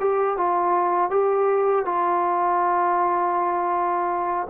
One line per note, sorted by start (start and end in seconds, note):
0.00 0.37 G4
0.37 1.10 F4
1.10 1.85 G4
1.85 4.48 F4